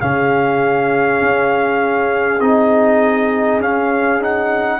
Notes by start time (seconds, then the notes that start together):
0.00 C#3 C#4 G#4 F5
1.21 C#4
2.40 C4 D#4 D#5
3.60 C#4 F5
4.20 D#4 F#5